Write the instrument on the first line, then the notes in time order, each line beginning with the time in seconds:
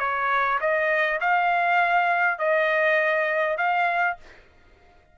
trumpet
0.00 C#5
0.61 D#5
1.21 F5
2.39 D#5
3.58 F5